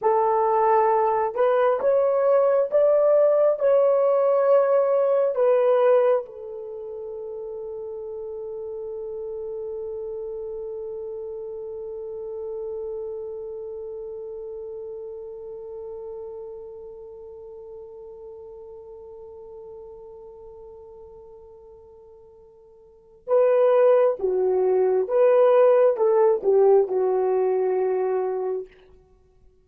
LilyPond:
\new Staff \with { instrumentName = "horn" } { \time 4/4 \tempo 4 = 67 a'4. b'8 cis''4 d''4 | cis''2 b'4 a'4~ | a'1~ | a'1~ |
a'1~ | a'1~ | a'2 b'4 fis'4 | b'4 a'8 g'8 fis'2 | }